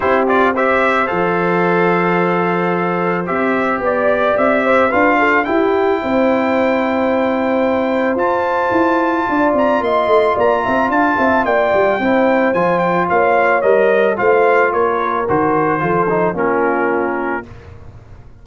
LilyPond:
<<
  \new Staff \with { instrumentName = "trumpet" } { \time 4/4 \tempo 4 = 110 c''8 d''8 e''4 f''2~ | f''2 e''4 d''4 | e''4 f''4 g''2~ | g''2. a''4~ |
a''4. ais''8 c'''4 ais''4 | a''4 g''2 gis''8 g''8 | f''4 dis''4 f''4 cis''4 | c''2 ais'2 | }
  \new Staff \with { instrumentName = "horn" } { \time 4/4 g'4 c''2.~ | c''2. d''4~ | d''8 c''8 b'8 a'8 g'4 c''4~ | c''1~ |
c''4 d''4 dis''4 d''8 e''8 | f''8 e''8 d''4 c''2 | cis''2 c''4 ais'4~ | ais'4 a'4 f'2 | }
  \new Staff \with { instrumentName = "trombone" } { \time 4/4 e'8 f'8 g'4 a'2~ | a'2 g'2~ | g'4 f'4 e'2~ | e'2. f'4~ |
f'1~ | f'2 e'4 f'4~ | f'4 ais'4 f'2 | fis'4 f'8 dis'8 cis'2 | }
  \new Staff \with { instrumentName = "tuba" } { \time 4/4 c'2 f2~ | f2 c'4 b4 | c'4 d'4 e'4 c'4~ | c'2. f'4 |
e'4 d'8 c'8 ais8 a8 ais8 c'8 | d'8 c'8 ais8 g8 c'4 f4 | ais4 g4 a4 ais4 | dis4 f4 ais2 | }
>>